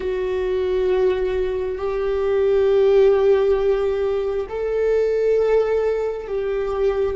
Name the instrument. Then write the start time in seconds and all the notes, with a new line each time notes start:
viola
0.00 F#4
1.78 G4
4.49 A4
6.27 G4